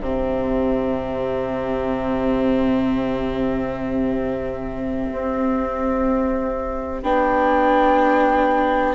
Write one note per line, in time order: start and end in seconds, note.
0.00 5.08 C3
0.00 7.03 C4
0.00 8.94 G4
0.00 7.02 E5
5.12 7.02 C4
7.02 8.94 B3
7.02 8.94 D4
7.02 8.94 G5